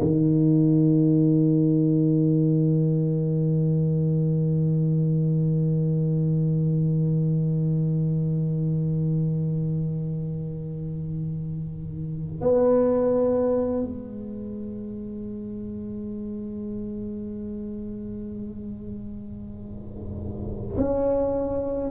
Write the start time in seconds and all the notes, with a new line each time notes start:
0.00 D#3
12.40 B3
13.84 G#3
20.77 C#4